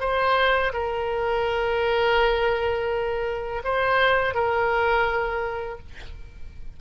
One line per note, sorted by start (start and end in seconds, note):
0.00 0.72 C5
0.73 3.62 A#4
3.64 4.34 C5
4.34 5.79 A#4